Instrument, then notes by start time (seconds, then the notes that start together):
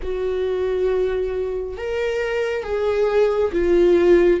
viola
0.02 F#4
1.77 A#4
2.63 G#4
3.52 F4